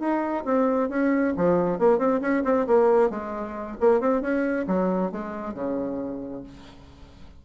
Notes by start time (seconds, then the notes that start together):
0.00 D#4
0.45 C4
0.90 C#4
1.37 F3
1.79 A#3
1.99 C4
2.21 C#4
2.45 C4
2.67 A#3
3.11 G#3
3.81 A#3
4.01 C4
4.22 C#4
4.68 F#3
5.12 G#3
5.55 C#3